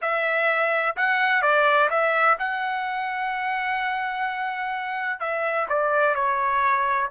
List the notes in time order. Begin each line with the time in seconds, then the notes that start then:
0.01 E5
0.96 F#5
1.42 D5
1.90 E5
2.39 F#5
5.20 E5
5.68 D5
6.14 C#5